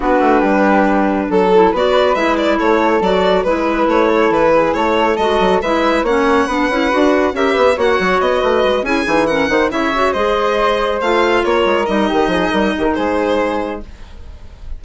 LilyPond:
<<
  \new Staff \with { instrumentName = "violin" } { \time 4/4 \tempo 4 = 139 b'2. a'4 | d''4 e''8 d''8 cis''4 d''4 | b'4 cis''4 b'4 cis''4 | dis''4 e''4 fis''2~ |
fis''4 e''4 fis''4 dis''4~ | dis''8 gis''4 fis''4 e''4 dis''8~ | dis''4. f''4 cis''4 dis''8~ | dis''2 c''2 | }
  \new Staff \with { instrumentName = "flute" } { \time 4/4 fis'4 g'2 a'4 | b'2 a'2 | b'4. a'4 gis'8 a'4~ | a'4 b'4 cis''4 b'4~ |
b'4 ais'8 b'8 cis''4. b'8~ | b'8 gis'4 ais'8 c''8 cis''4 c''8~ | c''2~ c''8 ais'4. | g'8 gis'8 ais'8 g'16 ais'16 gis'2 | }
  \new Staff \with { instrumentName = "clarinet" } { \time 4/4 d'2.~ d'8 e'8 | fis'4 e'2 fis'4 | e'1 | fis'4 e'4 cis'4 d'8 e'8 |
fis'4 g'4 fis'2~ | fis'8 e'8 dis'8 cis'8 dis'8 e'8 fis'8 gis'8~ | gis'4. f'2 dis'8~ | dis'1 | }
  \new Staff \with { instrumentName = "bassoon" } { \time 4/4 b8 a8 g2 fis4 | b4 gis4 a4 fis4 | gis4 a4 e4 a4 | gis8 fis8 gis4 ais4 b8 cis'8 |
d'4 cis'8 b8 ais8 fis8 b8 a8 | gis8 cis'8 e4 dis8 cis4 gis8~ | gis4. a4 ais8 gis8 g8 | dis8 f8 g8 dis8 gis2 | }
>>